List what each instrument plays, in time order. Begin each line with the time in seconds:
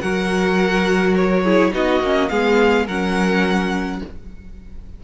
0.00 cello F#3, viola F#4, violin A#4 F#5
1.15 violin C#5
1.42 viola E4, violin G#4
1.71 cello B3, viola D#4, violin F#4 D#5
2.00 cello A#3, viola C#4
2.29 cello G#3, viola B3, violin G#4 F5
2.85 cello F#3, viola C#4, violin A#4 F#5